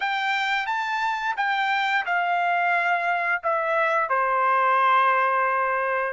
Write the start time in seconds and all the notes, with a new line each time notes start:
0.00 G5
0.66 A5
1.36 G5
2.05 F5
3.43 E5
4.09 C5